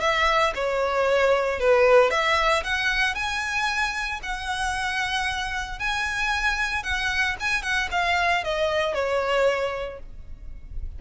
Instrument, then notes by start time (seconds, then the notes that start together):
violin
0.00 E5
0.55 C#5
1.59 B4
2.10 E5
2.63 F#5
3.14 G#5
4.22 F#5
5.79 G#5
6.83 F#5
7.40 G#5
7.62 F#5
7.91 F5
8.44 D#5
8.94 C#5